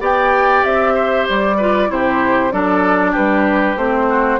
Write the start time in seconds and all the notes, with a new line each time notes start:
0.00 B3 G4 D5 G5
0.64 C4 E5
0.94 C5
1.29 G3 D5
1.57 F4 B4
1.88 C3 E4 G4 C5
2.52 F#3 D4 A4 D5
3.12 G3 G4 B4
3.76 A3 C4 C5
4.10 F#4